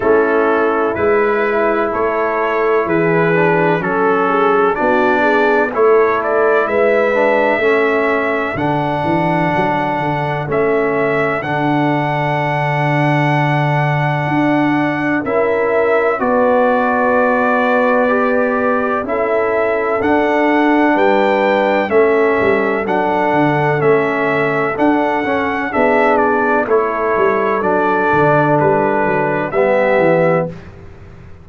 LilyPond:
<<
  \new Staff \with { instrumentName = "trumpet" } { \time 4/4 \tempo 4 = 63 a'4 b'4 cis''4 b'4 | a'4 d''4 cis''8 d''8 e''4~ | e''4 fis''2 e''4 | fis''1 |
e''4 d''2. | e''4 fis''4 g''4 e''4 | fis''4 e''4 fis''4 e''8 d''8 | cis''4 d''4 b'4 e''4 | }
  \new Staff \with { instrumentName = "horn" } { \time 4/4 e'2 a'4 gis'4 | a'8 gis'8 fis'8 gis'8 a'4 b'4 | a'1~ | a'1 |
ais'4 b'2. | a'2 b'4 a'4~ | a'2. gis'4 | a'2. g'4 | }
  \new Staff \with { instrumentName = "trombone" } { \time 4/4 cis'4 e'2~ e'8 d'8 | cis'4 d'4 e'4. d'8 | cis'4 d'2 cis'4 | d'1 |
e'4 fis'2 g'4 | e'4 d'2 cis'4 | d'4 cis'4 d'8 cis'8 d'4 | e'4 d'2 b4 | }
  \new Staff \with { instrumentName = "tuba" } { \time 4/4 a4 gis4 a4 e4 | fis4 b4 a4 gis4 | a4 d8 e8 fis8 d8 a4 | d2. d'4 |
cis'4 b2. | cis'4 d'4 g4 a8 g8 | fis8 d8 a4 d'8 cis'8 b4 | a8 g8 fis8 d8 g8 fis8 g8 e8 | }
>>